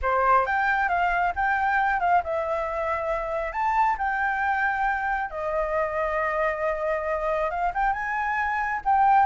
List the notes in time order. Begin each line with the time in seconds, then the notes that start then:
0.02 C5
0.46 G5
0.88 F5
1.35 G5
2.00 F5
2.23 E5
3.52 A5
3.98 G5
5.30 D#5
7.50 F5
7.74 G5
7.93 G#5
8.85 G5